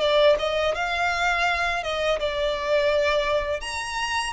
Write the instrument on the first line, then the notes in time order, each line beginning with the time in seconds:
violin
0.00 D5
0.39 D#5
0.75 F5
1.83 D#5
2.20 D5
3.61 A#5